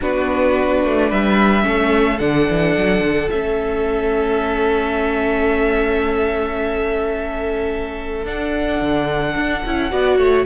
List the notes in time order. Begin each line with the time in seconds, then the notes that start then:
0.01 B3 D4 F#4 B4
0.83 A3
1.09 G3 B4 E5
1.62 A3 C#4 A4
2.19 D3 D4 F#5
2.49 E3
2.76 F#3
3.00 D3
3.30 A3 C#4 E5
8.25 D4 F#5
8.81 D3
9.35 D4
9.65 C#4 E4
9.90 B3 F#4 D5
10.17 A3 C#5